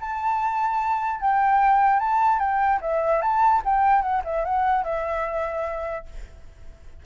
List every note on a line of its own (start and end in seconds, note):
0.00 1.20 A5
1.20 1.99 G5
1.99 2.39 A5
2.39 2.79 G5
2.81 3.21 E5
3.21 3.62 A5
3.64 4.02 G5
4.02 4.22 F#5
4.24 4.44 E5
4.44 4.84 F#5
4.84 6.05 E5